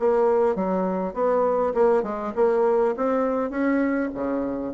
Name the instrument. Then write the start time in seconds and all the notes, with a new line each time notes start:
bassoon
0.00 A#3
0.56 F#3
1.14 B3
1.75 A#3
2.04 G#3
2.36 A#3
2.97 C4
3.51 C#4
4.14 C#3